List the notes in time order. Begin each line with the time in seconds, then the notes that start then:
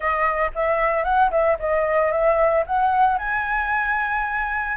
0.00 D#5
0.54 E5
1.04 F#5
1.31 E5
1.59 D#5
2.11 E5
2.66 F#5
3.18 G#5